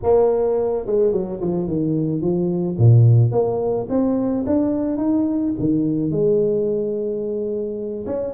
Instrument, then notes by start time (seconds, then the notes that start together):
tuba
0.03 A#3
0.86 G#3
1.12 F#3
1.40 F3
1.67 D#3
2.21 F3
2.78 A#2
3.31 A#3
3.89 C4
4.46 D4
4.97 D#4
5.59 D#3
6.11 G#3
8.06 C#4